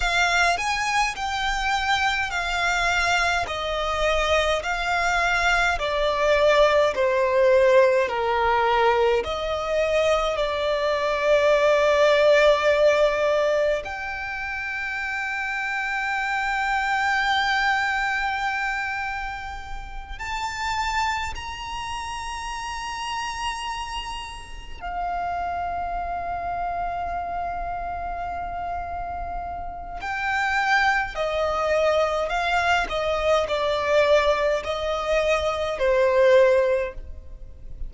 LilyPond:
\new Staff \with { instrumentName = "violin" } { \time 4/4 \tempo 4 = 52 f''8 gis''8 g''4 f''4 dis''4 | f''4 d''4 c''4 ais'4 | dis''4 d''2. | g''1~ |
g''4. a''4 ais''4.~ | ais''4. f''2~ f''8~ | f''2 g''4 dis''4 | f''8 dis''8 d''4 dis''4 c''4 | }